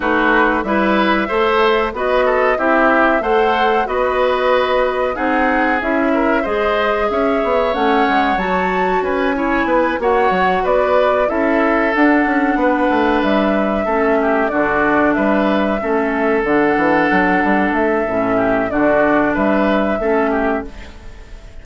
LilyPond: <<
  \new Staff \with { instrumentName = "flute" } { \time 4/4 \tempo 4 = 93 b'4 e''2 dis''4 | e''4 fis''4 dis''2 | fis''4 e''4 dis''4 e''4 | fis''4 a''4 gis''4. fis''8~ |
fis''8 d''4 e''4 fis''4.~ | fis''8 e''2 d''4 e''8~ | e''4. fis''2 e''8~ | e''4 d''4 e''2 | }
  \new Staff \with { instrumentName = "oboe" } { \time 4/4 fis'4 b'4 c''4 b'8 a'8 | g'4 c''4 b'2 | gis'4. ais'8 c''4 cis''4~ | cis''2 b'8 cis''8 b'8 cis''8~ |
cis''8 b'4 a'2 b'8~ | b'4. a'8 g'8 fis'4 b'8~ | b'8 a'2.~ a'8~ | a'8 g'8 fis'4 b'4 a'8 g'8 | }
  \new Staff \with { instrumentName = "clarinet" } { \time 4/4 dis'4 e'4 a'4 fis'4 | e'4 a'4 fis'2 | dis'4 e'4 gis'2 | cis'4 fis'4. e'4 fis'8~ |
fis'4. e'4 d'4.~ | d'4. cis'4 d'4.~ | d'8 cis'4 d'2~ d'8 | cis'4 d'2 cis'4 | }
  \new Staff \with { instrumentName = "bassoon" } { \time 4/4 a4 g4 a4 b4 | c'4 a4 b2 | c'4 cis'4 gis4 cis'8 b8 | a8 gis8 fis4 cis'4 b8 ais8 |
fis8 b4 cis'4 d'8 cis'8 b8 | a8 g4 a4 d4 g8~ | g8 a4 d8 e8 fis8 g8 a8 | a,4 d4 g4 a4 | }
>>